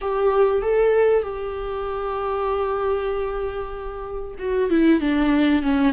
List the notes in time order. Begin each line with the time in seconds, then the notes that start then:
0.01 G4
0.62 A4
1.22 G4
4.38 F#4
4.69 E4
5.00 D4
5.62 C#4